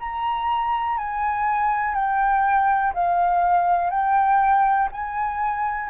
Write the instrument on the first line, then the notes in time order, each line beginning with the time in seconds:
flute
0.00 A#5
0.98 G#5
1.95 G5
2.94 F5
3.90 G5
4.92 G#5